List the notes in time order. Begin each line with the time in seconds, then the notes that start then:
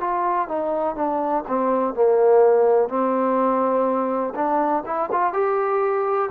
0.00 F4
0.48 D#4
0.95 D4
1.48 C4
1.94 A#3
2.89 C4
4.35 D4
4.86 E4
5.12 F4
5.33 G4